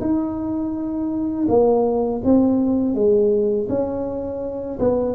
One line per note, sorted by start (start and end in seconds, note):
0.00 1.46 D#4
1.48 2.21 A#3
2.24 2.94 C4
2.94 3.68 G#3
3.69 4.78 C#4
4.79 5.15 B3